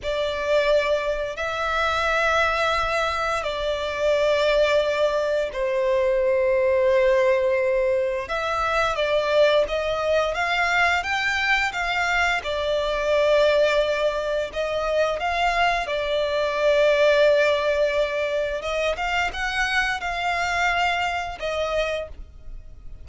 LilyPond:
\new Staff \with { instrumentName = "violin" } { \time 4/4 \tempo 4 = 87 d''2 e''2~ | e''4 d''2. | c''1 | e''4 d''4 dis''4 f''4 |
g''4 f''4 d''2~ | d''4 dis''4 f''4 d''4~ | d''2. dis''8 f''8 | fis''4 f''2 dis''4 | }